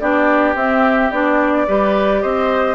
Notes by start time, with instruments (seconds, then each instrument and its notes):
0.00 bassoon B3, clarinet D4, oboe G4, flute D5
0.55 bassoon C4, clarinet C4, flute E5
1.11 bassoon B3, clarinet D4, flute D5
1.67 bassoon G3, clarinet G4, oboe B4
2.22 bassoon C4, oboe C5, flute D#5